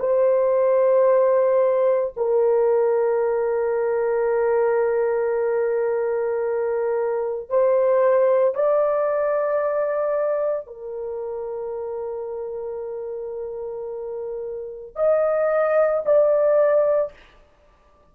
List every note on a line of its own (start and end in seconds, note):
0.00 2.14 C5
2.17 7.50 A#4
7.50 8.55 C5
8.55 10.68 D5
10.68 14.96 A#4
14.96 16.03 D#5
16.06 17.13 D5